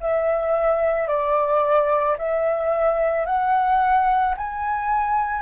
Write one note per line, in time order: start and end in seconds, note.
0.00 1.07 E5
1.07 2.16 D5
2.18 3.25 E5
3.25 4.34 F#5
4.37 5.41 G#5